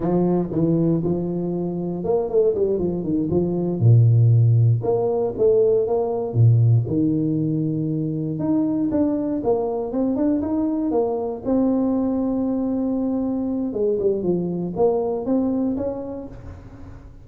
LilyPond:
\new Staff \with { instrumentName = "tuba" } { \time 4/4 \tempo 4 = 118 f4 e4 f2 | ais8 a8 g8 f8 dis8 f4 ais,8~ | ais,4. ais4 a4 ais8~ | ais8 ais,4 dis2~ dis8~ |
dis8 dis'4 d'4 ais4 c'8 | d'8 dis'4 ais4 c'4.~ | c'2. gis8 g8 | f4 ais4 c'4 cis'4 | }